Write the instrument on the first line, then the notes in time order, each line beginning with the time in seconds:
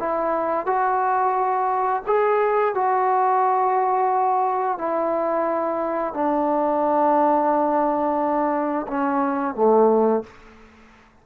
trombone
0.00 E4
0.67 F#4
2.07 G#4
2.75 F#4
4.79 E4
6.14 D4
8.88 C#4
9.55 A3